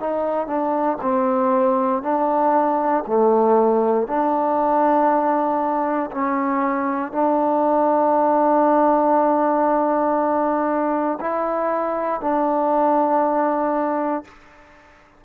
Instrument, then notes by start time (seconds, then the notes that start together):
trombone
0.00 D#4
0.47 D4
1.02 C4
2.02 D4
3.07 A3
4.07 D4
6.11 C#4
7.12 D4
11.20 E4
12.21 D4